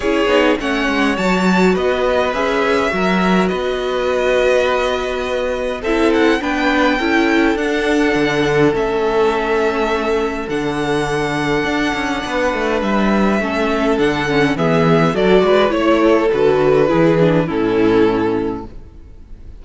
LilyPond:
<<
  \new Staff \with { instrumentName = "violin" } { \time 4/4 \tempo 4 = 103 cis''4 fis''4 a''4 dis''4 | e''2 dis''2~ | dis''2 e''8 fis''8 g''4~ | g''4 fis''2 e''4~ |
e''2 fis''2~ | fis''2 e''2 | fis''4 e''4 d''4 cis''4 | b'2 a'2 | }
  \new Staff \with { instrumentName = "violin" } { \time 4/4 gis'4 cis''2 b'4~ | b'4 ais'4 b'2~ | b'2 a'4 b'4 | a'1~ |
a'1~ | a'4 b'2 a'4~ | a'4 gis'4 a'8 b'8 cis''8 a'8~ | a'4 gis'4 e'2 | }
  \new Staff \with { instrumentName = "viola" } { \time 4/4 e'8 dis'8 cis'4 fis'2 | gis'4 fis'2.~ | fis'2 e'4 d'4 | e'4 d'2 cis'4~ |
cis'2 d'2~ | d'2. cis'4 | d'8 cis'8 b4 fis'4 e'4 | fis'4 e'8 d'8 cis'2 | }
  \new Staff \with { instrumentName = "cello" } { \time 4/4 cis'8 b8 a8 gis8 fis4 b4 | cis'4 fis4 b2~ | b2 c'4 b4 | cis'4 d'4 d4 a4~ |
a2 d2 | d'8 cis'8 b8 a8 g4 a4 | d4 e4 fis8 gis8 a4 | d4 e4 a,2 | }
>>